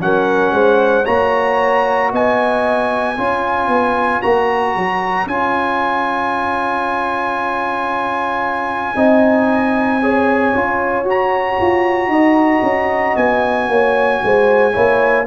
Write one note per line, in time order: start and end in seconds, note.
0.00 0.51 F#3
0.00 1.05 C#4
0.00 0.54 A#4
0.00 1.06 F#5
0.51 1.04 G#3
0.51 1.05 C5
1.05 2.12 A#3
1.05 3.17 F#4
1.05 2.11 C#5
1.05 2.11 A#5
2.12 3.18 B3
2.12 3.18 D#5
2.12 4.22 G#5
3.18 3.68 C#4
3.18 4.22 F4
3.18 8.96 C#5
3.68 4.21 B3
4.22 4.76 A#3
4.22 5.28 F#4
4.22 5.27 A#5
4.76 5.26 F#3
5.26 8.95 C#4
5.26 8.96 F4
5.26 11.07 G#5
8.96 10.54 C4
8.96 10.01 D#4
8.96 10.01 D#5
10.02 10.55 G#4
10.02 12.11 C#5
10.55 11.04 C#4
10.55 11.05 F4
11.04 11.56 F#4
11.04 14.73 F#4
11.10 13.17 A#5
11.61 12.08 F4
12.08 12.60 D#4
12.08 13.68 D#5
12.63 13.15 C#4
13.17 13.69 B3
13.17 15.27 G#5
13.69 14.22 A#3
13.69 14.23 C#5
14.24 14.76 G#3
14.24 14.73 C5
14.73 15.27 A#3
14.73 15.26 E4
14.73 15.26 C#5